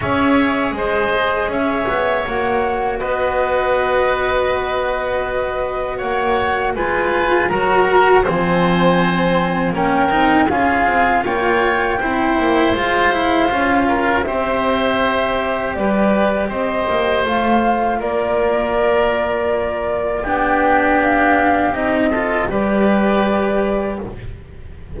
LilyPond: <<
  \new Staff \with { instrumentName = "flute" } { \time 4/4 \tempo 4 = 80 e''4 dis''4 e''4 fis''4 | dis''1 | fis''4 gis''4 ais''4 gis''4~ | gis''4 g''4 f''4 g''4~ |
g''4 f''2 e''4~ | e''4 d''4 dis''4 f''4 | d''2. g''4 | f''4 dis''4 d''2 | }
  \new Staff \with { instrumentName = "oboe" } { \time 4/4 cis''4 c''4 cis''2 | b'1 | cis''4 b'4 ais'4 c''4~ | c''4 ais'4 gis'4 cis''4 |
c''2~ c''8 ais'8 c''4~ | c''4 b'4 c''2 | ais'2. g'4~ | g'4. a'8 b'2 | }
  \new Staff \with { instrumentName = "cello" } { \time 4/4 gis'2. fis'4~ | fis'1~ | fis'4 f'4 fis'4 c'4~ | c'4 cis'8 dis'8 f'2 |
e'4 f'8 e'8 f'4 g'4~ | g'2. f'4~ | f'2. d'4~ | d'4 dis'8 f'8 g'2 | }
  \new Staff \with { instrumentName = "double bass" } { \time 4/4 cis'4 gis4 cis'8 b8 ais4 | b1 | ais4 gis4 fis4 f4~ | f4 ais8 c'8 cis'8 c'8 ais4 |
c'8 ais8 gis4 cis'4 c'4~ | c'4 g4 c'8 ais8 a4 | ais2. b4~ | b4 c'4 g2 | }
>>